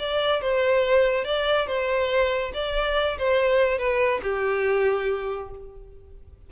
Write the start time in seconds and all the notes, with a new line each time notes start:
0.00 D5
0.42 C5
1.25 D5
1.67 C5
2.54 D5
3.19 C5
3.79 B4
4.23 G4